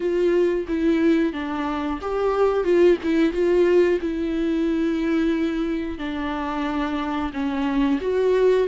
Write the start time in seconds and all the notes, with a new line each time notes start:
0.00 F4
0.68 E4
1.32 D4
2.01 G4
2.64 F4
3.03 E4
3.32 F4
4.01 E4
5.98 D4
7.33 C#4
8.00 F#4